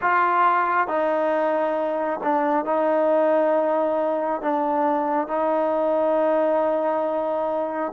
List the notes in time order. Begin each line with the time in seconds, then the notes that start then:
0.01 F4
0.87 D#4
2.23 D4
2.65 D#4
4.41 D4
5.27 D#4